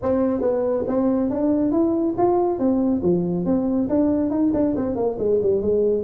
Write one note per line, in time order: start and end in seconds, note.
0.02 0.41 C4
0.41 0.84 B3
0.87 1.30 C4
1.30 1.71 D4
1.71 2.14 E4
2.17 2.58 F4
2.58 3.01 C4
3.02 3.45 F3
3.45 3.88 C4
3.89 4.30 D4
4.30 4.51 D#4
4.53 4.75 D4
4.76 4.95 C4
4.95 5.17 A#3
5.18 5.40 G#3
5.42 5.61 G3
5.61 6.03 G#3